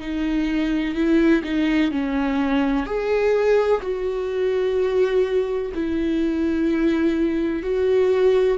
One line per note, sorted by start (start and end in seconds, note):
0.00 0.95 D#4
0.95 1.42 E4
1.43 1.91 D#4
1.91 2.86 C#4
2.86 3.81 G#4
3.81 5.72 F#4
5.74 7.63 E4
7.63 8.58 F#4